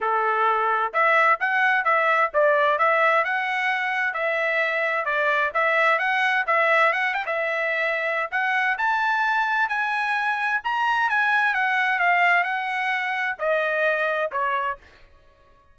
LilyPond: \new Staff \with { instrumentName = "trumpet" } { \time 4/4 \tempo 4 = 130 a'2 e''4 fis''4 | e''4 d''4 e''4 fis''4~ | fis''4 e''2 d''4 | e''4 fis''4 e''4 fis''8 g''16 e''16~ |
e''2 fis''4 a''4~ | a''4 gis''2 ais''4 | gis''4 fis''4 f''4 fis''4~ | fis''4 dis''2 cis''4 | }